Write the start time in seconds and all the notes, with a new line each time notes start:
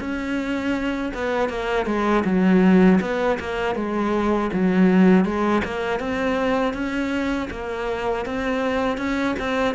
0.00 C#4
1.14 B3
1.49 A#3
1.86 G#3
2.25 F#3
3.01 B3
3.40 A#3
3.75 G#3
4.53 F#3
5.25 G#3
5.65 A#3
6.00 C4
6.74 C#4
7.50 A#3
8.25 C4
8.98 C#4
9.39 C4